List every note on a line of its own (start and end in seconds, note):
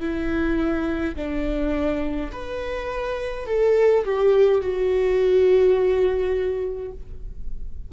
0.00 1.15 E4
1.16 2.31 D4
2.32 3.47 B4
3.47 4.04 A4
4.05 4.62 G4
4.62 6.92 F#4